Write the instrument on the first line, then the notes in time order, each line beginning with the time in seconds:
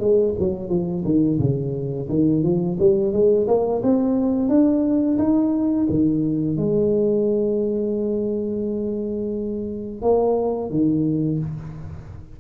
tuba
0.00 G#3
0.39 F#3
0.70 F3
1.05 D#3
1.40 C#3
2.10 D#3
2.44 F3
2.80 G3
3.13 G#3
3.48 A#3
3.84 C4
4.49 D4
5.18 D#4
5.90 D#3
6.58 G#3
10.02 A#3
10.71 D#3